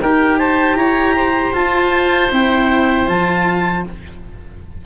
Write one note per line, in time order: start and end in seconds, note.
0.00 0.75 D#4
0.00 1.53 G4
0.00 0.38 A#4
0.00 0.38 G5
0.38 0.77 C5
0.38 0.75 A5
0.75 1.52 E4
0.75 1.15 C#5
0.75 1.52 A#5
1.16 3.85 C5
1.53 2.29 F4
1.53 2.31 F4
1.53 2.31 A5
2.31 3.08 C4
2.31 3.06 E4
2.31 3.08 G5
3.06 3.85 F3
3.06 3.83 F4
3.06 3.85 A5